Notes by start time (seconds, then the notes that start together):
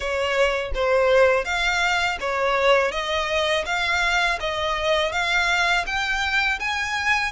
0.00 C#5
0.74 C5
1.45 F5
2.20 C#5
2.91 D#5
3.66 F5
4.39 D#5
5.12 F5
5.86 G5
6.59 G#5